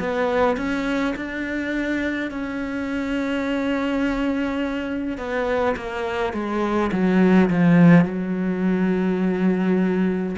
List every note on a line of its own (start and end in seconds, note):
0.00 0.57 B3
0.57 1.14 C#4
1.16 2.31 D4
2.31 5.18 C#4
5.18 5.76 B3
5.76 6.34 A#3
6.34 6.91 G#3
6.92 7.50 F#3
7.50 8.05 F3
8.05 10.36 F#3